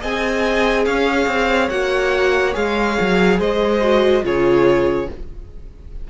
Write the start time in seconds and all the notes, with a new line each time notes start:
0.00 C4 G#4 D#5 G#5
0.85 C#4 C#5 F5
1.27 C4
1.69 A#3 F#4 F#5
2.53 G#3 G#4 F5
3.00 F#3
3.39 G#3 C5 D#5
3.81 F#4
4.23 C#3 F4 G#4 C#5